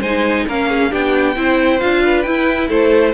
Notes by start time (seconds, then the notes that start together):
0.00 G#3 D#4 C5 G#5
0.47 A#3 C#4 A#4 F5
0.69 G#4
0.90 B3 D4 G4 G5
1.36 C4 E4 C5
1.80 D4 F4 F5
2.04 B4
2.22 E4 G5
2.68 A3 A4 C5